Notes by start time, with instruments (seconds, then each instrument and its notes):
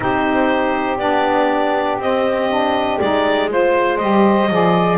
0.00 double bass C4, saxophone D#4 G4, clarinet C5
0.98 double bass B3, saxophone D4, clarinet D5
1.98 double bass C4, saxophone C4, clarinet D#5
2.50 saxophone D4
2.99 double bass G#3, saxophone D#4, clarinet D5
3.49 saxophone F4 C5, clarinet C5
3.97 double bass G3, saxophone G4, clarinet D#5
4.49 double bass F3, saxophone G#4 D5